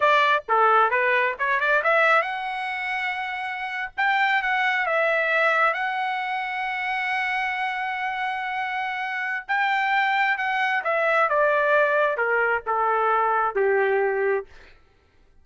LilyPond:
\new Staff \with { instrumentName = "trumpet" } { \time 4/4 \tempo 4 = 133 d''4 a'4 b'4 cis''8 d''8 | e''4 fis''2.~ | fis''8. g''4 fis''4 e''4~ e''16~ | e''8. fis''2.~ fis''16~ |
fis''1~ | fis''4 g''2 fis''4 | e''4 d''2 ais'4 | a'2 g'2 | }